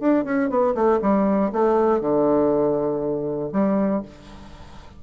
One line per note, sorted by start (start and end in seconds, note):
0.00 0.25 D4
0.25 0.50 C#4
0.50 0.75 B3
0.75 1.00 A3
1.02 1.52 G3
1.52 2.01 A3
2.01 3.51 D3
3.53 4.03 G3